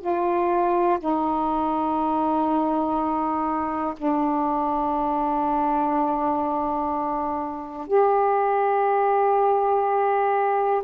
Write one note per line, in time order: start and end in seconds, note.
0.00 0.98 F4
0.99 3.94 D#4
3.97 7.87 D4
7.87 10.82 G4